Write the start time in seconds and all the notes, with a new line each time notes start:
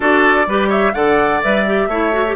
0.00 D4 F#4 A4 D5
0.46 G3 G4 B4
0.68 C#5 E5
0.93 D3 A4 D5 F#5
1.42 G3 B4 E5
1.66 G4
1.88 A3 E4 C#5
2.12 F#4
2.27 G4